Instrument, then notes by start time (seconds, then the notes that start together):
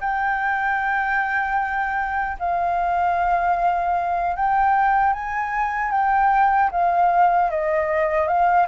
flute
0.00 G5
2.39 F5
4.36 G5
5.13 G#5
5.91 G5
6.71 F5
7.50 D#5
8.27 F5